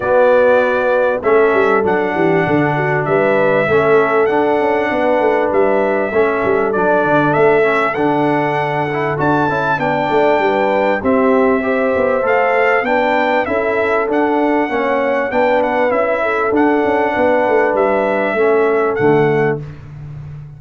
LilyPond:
<<
  \new Staff \with { instrumentName = "trumpet" } { \time 4/4 \tempo 4 = 98 d''2 e''4 fis''4~ | fis''4 e''2 fis''4~ | fis''4 e''2 d''4 | e''4 fis''2 a''4 |
g''2 e''2 | f''4 g''4 e''4 fis''4~ | fis''4 g''8 fis''8 e''4 fis''4~ | fis''4 e''2 fis''4 | }
  \new Staff \with { instrumentName = "horn" } { \time 4/4 fis'2 a'4. g'8 | a'8 fis'8 b'4 a'2 | b'2 a'2~ | a'1 |
d''4 b'4 g'4 c''4~ | c''4 b'4 a'2 | cis''4 b'4. a'4. | b'2 a'2 | }
  \new Staff \with { instrumentName = "trombone" } { \time 4/4 b2 cis'4 d'4~ | d'2 cis'4 d'4~ | d'2 cis'4 d'4~ | d'8 cis'8 d'4. e'8 fis'8 e'8 |
d'2 c'4 g'4 | a'4 d'4 e'4 d'4 | cis'4 d'4 e'4 d'4~ | d'2 cis'4 a4 | }
  \new Staff \with { instrumentName = "tuba" } { \time 4/4 b2 a8 g8 fis8 e8 | d4 g4 a4 d'8 cis'8 | b8 a8 g4 a8 g8 fis8 d8 | a4 d2 d'8 cis'8 |
b8 a8 g4 c'4. b8 | a4 b4 cis'4 d'4 | ais4 b4 cis'4 d'8 cis'8 | b8 a8 g4 a4 d4 | }
>>